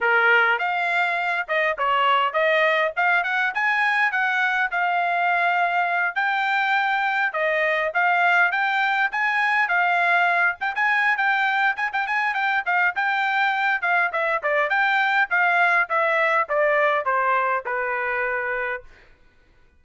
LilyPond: \new Staff \with { instrumentName = "trumpet" } { \time 4/4 \tempo 4 = 102 ais'4 f''4. dis''8 cis''4 | dis''4 f''8 fis''8 gis''4 fis''4 | f''2~ f''8 g''4.~ | g''8 dis''4 f''4 g''4 gis''8~ |
gis''8 f''4. g''16 gis''8. g''4 | gis''16 g''16 gis''8 g''8 f''8 g''4. f''8 | e''8 d''8 g''4 f''4 e''4 | d''4 c''4 b'2 | }